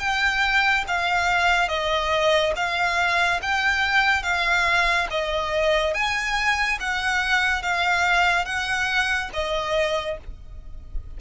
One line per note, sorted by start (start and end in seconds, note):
0.00 0.85 G5
0.88 1.68 F5
1.68 2.53 D#5
2.56 3.41 F5
3.42 4.23 G5
4.23 5.07 F5
5.10 5.94 D#5
5.94 6.79 G#5
6.80 7.62 F#5
7.62 8.45 F5
8.45 9.30 F#5
9.33 10.18 D#5